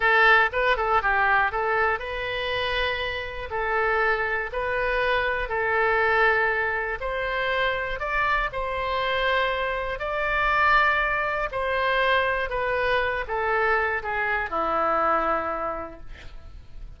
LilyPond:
\new Staff \with { instrumentName = "oboe" } { \time 4/4 \tempo 4 = 120 a'4 b'8 a'8 g'4 a'4 | b'2. a'4~ | a'4 b'2 a'4~ | a'2 c''2 |
d''4 c''2. | d''2. c''4~ | c''4 b'4. a'4. | gis'4 e'2. | }